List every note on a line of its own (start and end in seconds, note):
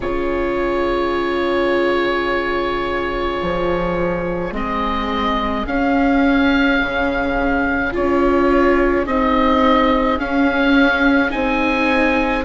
0.00 3.39 C#3
0.00 4.52 F4
0.00 12.44 G#4
0.00 4.53 C#5
3.42 4.52 F3
4.52 5.65 G#3
4.52 5.65 C4
4.52 5.66 D#5
5.66 6.79 C#4
5.66 7.92 C#4
5.66 7.93 F5
6.80 7.93 C#3
7.92 9.06 C#4
7.92 9.05 F4
7.92 9.06 C#5
9.06 10.19 C4
9.06 10.18 D#4
9.06 10.19 D#5
10.18 11.30 C#4
10.18 11.32 C#4
10.18 11.31 F5
11.30 12.44 C4
11.30 12.43 D#4
11.30 12.44 G#5